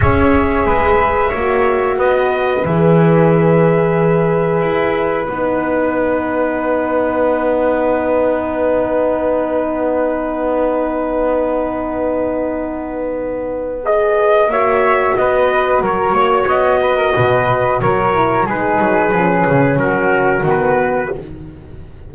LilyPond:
<<
  \new Staff \with { instrumentName = "trumpet" } { \time 4/4 \tempo 4 = 91 e''2. dis''4 | e''1 | fis''1~ | fis''1~ |
fis''1~ | fis''4 dis''4 e''4 dis''4 | cis''4 dis''2 cis''4 | b'2 ais'4 b'4 | }
  \new Staff \with { instrumentName = "flute" } { \time 4/4 cis''4 b'4 cis''4 b'4~ | b'1~ | b'1~ | b'1~ |
b'1~ | b'2 cis''4 b'4 | ais'8 cis''4 b'16 ais'16 b'4 ais'4 | gis'2 fis'2 | }
  \new Staff \with { instrumentName = "horn" } { \time 4/4 gis'2 fis'2 | gis'1 | dis'1~ | dis'1~ |
dis'1~ | dis'4 gis'4 fis'2~ | fis'2.~ fis'8 e'8 | dis'4 cis'2 b4 | }
  \new Staff \with { instrumentName = "double bass" } { \time 4/4 cis'4 gis4 ais4 b4 | e2. e'4 | b1~ | b1~ |
b1~ | b2 ais4 b4 | fis8 ais8 b4 b,4 fis4 | gis8 fis8 f8 cis8 fis4 dis4 | }
>>